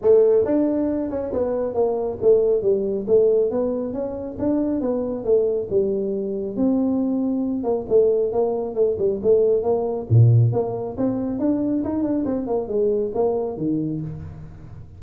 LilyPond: \new Staff \with { instrumentName = "tuba" } { \time 4/4 \tempo 4 = 137 a4 d'4. cis'8 b4 | ais4 a4 g4 a4 | b4 cis'4 d'4 b4 | a4 g2 c'4~ |
c'4. ais8 a4 ais4 | a8 g8 a4 ais4 ais,4 | ais4 c'4 d'4 dis'8 d'8 | c'8 ais8 gis4 ais4 dis4 | }